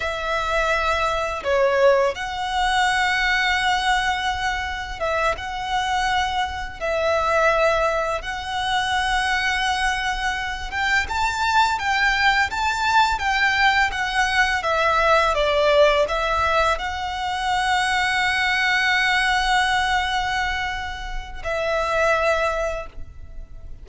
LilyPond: \new Staff \with { instrumentName = "violin" } { \time 4/4 \tempo 4 = 84 e''2 cis''4 fis''4~ | fis''2. e''8 fis''8~ | fis''4. e''2 fis''8~ | fis''2. g''8 a''8~ |
a''8 g''4 a''4 g''4 fis''8~ | fis''8 e''4 d''4 e''4 fis''8~ | fis''1~ | fis''2 e''2 | }